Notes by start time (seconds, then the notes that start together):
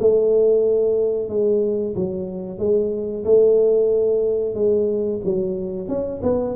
0.00 A3
1.29 G#3
1.96 F#3
2.59 G#3
3.25 A3
4.55 G#3
5.25 F#3
5.88 C#4
6.23 B3